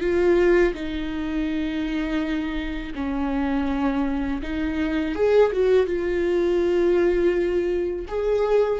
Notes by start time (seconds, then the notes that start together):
0.00 F4
0.74 D#4
2.94 C#4
4.42 D#4
5.15 G#4
5.52 F#4
5.86 F4
8.08 G#4